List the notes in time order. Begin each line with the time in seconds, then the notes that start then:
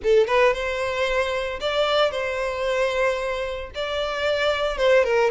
0.03 A4
0.27 B4
0.53 C5
1.60 D5
2.11 C5
3.75 D5
4.77 C5
5.04 A#4